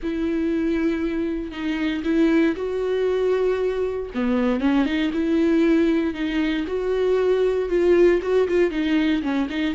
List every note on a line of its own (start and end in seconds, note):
0.03 1.51 E4
1.51 2.03 D#4
2.04 2.55 E4
2.56 4.10 F#4
4.14 4.60 B3
4.60 4.85 C#4
4.85 5.11 D#4
5.13 6.14 E4
6.14 6.65 D#4
6.67 7.69 F#4
7.69 8.20 F4
8.21 8.47 F#4
8.47 8.70 F4
8.70 9.22 D#4
9.22 9.48 C#4
9.49 9.74 D#4